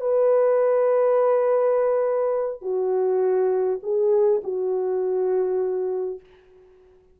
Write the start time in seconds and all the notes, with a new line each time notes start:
0.00 B4
2.61 F#4
3.83 G#4
4.43 F#4